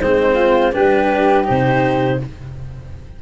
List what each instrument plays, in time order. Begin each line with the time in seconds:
0.00 tuba G#3, cello C4, flute D#4, clarinet C5
0.35 flute F4
0.72 tuba G3, cello D4, flute G4, clarinet B4
1.44 tuba C3, cello D#4, clarinet C5